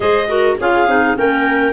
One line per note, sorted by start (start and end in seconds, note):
0.00 0.56 G#3
0.00 0.27 G#4
0.00 0.29 C5
0.00 0.56 D#5
0.27 0.57 F#4
0.27 0.58 A#4
0.59 0.87 C#4
0.59 0.88 F4
0.59 1.18 G#4
0.59 1.17 F5
0.87 1.16 C4
0.87 1.15 D#4
1.15 1.73 A#3
1.15 1.73 C#4
1.15 1.73 A#4
1.15 1.73 G5